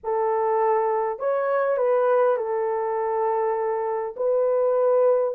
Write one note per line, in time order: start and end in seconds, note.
0.03 1.19 A4
1.19 1.77 C#5
1.77 2.36 B4
2.36 4.14 A4
4.16 5.35 B4